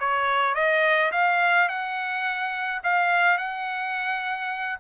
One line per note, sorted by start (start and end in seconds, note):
0.00 0.55 C#5
0.55 1.11 D#5
1.12 1.69 F5
1.69 2.82 F#5
2.84 3.38 F5
3.38 4.80 F#5